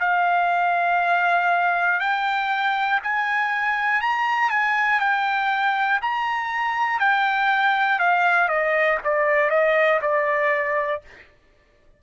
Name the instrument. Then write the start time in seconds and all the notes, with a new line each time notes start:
trumpet
0.00 F5
2.00 G5
3.03 G#5
4.01 A#5
4.50 G#5
5.00 G5
6.01 A#5
7.00 G5
7.99 F5
8.48 D#5
9.04 D5
9.50 D#5
10.01 D5